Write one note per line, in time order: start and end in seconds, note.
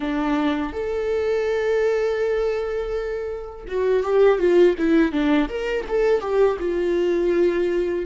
0.00 0.73 D4
0.73 3.65 A4
3.68 4.03 F#4
4.03 4.38 G4
4.38 4.75 F4
4.78 5.12 E4
5.12 5.48 D4
5.48 5.85 A#4
5.88 6.20 A4
6.20 6.57 G4
6.59 8.05 F4